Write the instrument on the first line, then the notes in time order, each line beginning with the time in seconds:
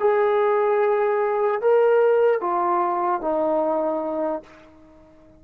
trombone
0.00 G#4
1.62 A#4
2.41 F4
3.21 D#4